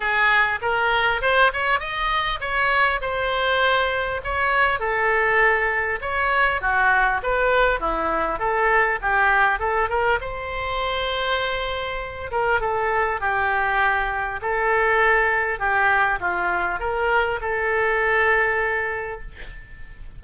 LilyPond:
\new Staff \with { instrumentName = "oboe" } { \time 4/4 \tempo 4 = 100 gis'4 ais'4 c''8 cis''8 dis''4 | cis''4 c''2 cis''4 | a'2 cis''4 fis'4 | b'4 e'4 a'4 g'4 |
a'8 ais'8 c''2.~ | c''8 ais'8 a'4 g'2 | a'2 g'4 f'4 | ais'4 a'2. | }